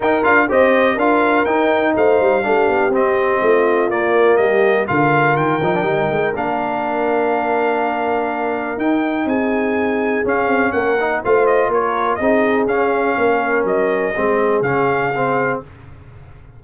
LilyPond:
<<
  \new Staff \with { instrumentName = "trumpet" } { \time 4/4 \tempo 4 = 123 g''8 f''8 dis''4 f''4 g''4 | f''2 dis''2 | d''4 dis''4 f''4 g''4~ | g''4 f''2.~ |
f''2 g''4 gis''4~ | gis''4 f''4 fis''4 f''8 dis''8 | cis''4 dis''4 f''2 | dis''2 f''2 | }
  \new Staff \with { instrumentName = "horn" } { \time 4/4 ais'4 c''4 ais'2 | c''4 g'2 f'4~ | f'4 g'4 ais'2~ | ais'1~ |
ais'2. gis'4~ | gis'2 ais'4 c''4 | ais'4 gis'2 ais'4~ | ais'4 gis'2. | }
  \new Staff \with { instrumentName = "trombone" } { \time 4/4 dis'8 f'8 g'4 f'4 dis'4~ | dis'4 d'4 c'2 | ais2 f'4. dis'16 d'16 | dis'4 d'2.~ |
d'2 dis'2~ | dis'4 cis'4. dis'8 f'4~ | f'4 dis'4 cis'2~ | cis'4 c'4 cis'4 c'4 | }
  \new Staff \with { instrumentName = "tuba" } { \time 4/4 dis'8 d'8 c'4 d'4 dis'4 | a8 g8 a8 b8 c'4 a4 | ais4 g4 d4 dis8 f8 | g8 gis8 ais2.~ |
ais2 dis'4 c'4~ | c'4 cis'8 c'8 ais4 a4 | ais4 c'4 cis'4 ais4 | fis4 gis4 cis2 | }
>>